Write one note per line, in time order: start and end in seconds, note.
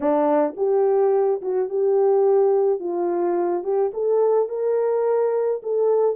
0.00 0.55 D4
0.57 1.41 G4
1.41 1.69 F#4
1.69 2.79 G4
2.79 3.63 F4
3.63 3.91 G4
3.93 4.49 A4
4.49 5.61 A#4
5.63 6.16 A4